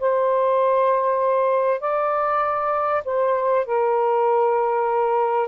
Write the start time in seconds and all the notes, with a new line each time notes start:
0.00 C5
1.81 D5
3.05 C5
3.66 A#4